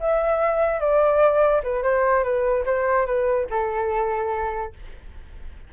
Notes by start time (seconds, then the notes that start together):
0.00 E5
0.80 D5
1.63 B4
1.83 C5
2.23 B4
2.66 C5
3.06 B4
3.50 A4